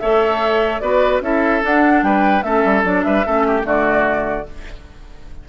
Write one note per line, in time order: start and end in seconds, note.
0.00 0.82 A3
0.00 0.82 A4
0.00 0.82 C#5
0.00 0.80 E5
0.80 1.22 B3
0.80 1.22 F#4
0.80 1.23 B4
0.80 1.21 D5
1.22 1.62 C#4
1.22 1.62 E4
1.22 2.06 A4
1.22 1.64 E5
1.62 2.43 D4
1.62 2.03 D4
1.62 2.04 F#5
2.03 2.43 G3
2.03 2.45 B4
2.03 2.43 G5
2.43 2.64 A3
2.43 2.84 C#4
2.43 3.06 A4
2.43 2.84 E5
2.65 2.85 G3
2.84 3.05 F#3
2.84 3.25 D4
2.84 3.04 D5
3.04 3.26 G3
3.04 3.27 B4
3.04 3.65 E5
3.26 3.64 A3
3.26 3.63 C#4
3.26 3.47 A4
3.47 3.67 G4
3.63 4.45 D3
3.63 4.44 A3
3.63 4.48 F#4
3.63 4.49 D5